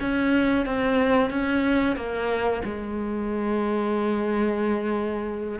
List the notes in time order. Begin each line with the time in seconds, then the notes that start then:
0.00 C#4
0.66 C4
1.30 C#4
1.96 A#3
2.64 G#3